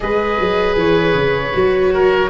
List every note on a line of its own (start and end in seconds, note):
0.00 0.39 G#3
0.00 1.52 G#4
0.00 1.93 B4
0.00 0.75 D#5
0.39 0.76 F#3
0.76 1.14 E3
0.76 2.30 C#5
1.14 1.53 C#3
1.53 2.30 F#3
1.53 2.30 F#4
1.93 2.30 A#4